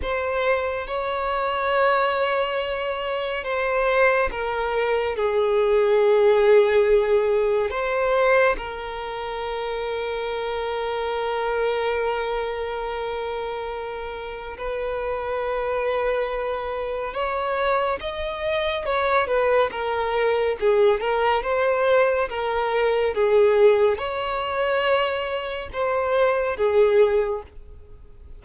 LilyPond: \new Staff \with { instrumentName = "violin" } { \time 4/4 \tempo 4 = 70 c''4 cis''2. | c''4 ais'4 gis'2~ | gis'4 c''4 ais'2~ | ais'1~ |
ais'4 b'2. | cis''4 dis''4 cis''8 b'8 ais'4 | gis'8 ais'8 c''4 ais'4 gis'4 | cis''2 c''4 gis'4 | }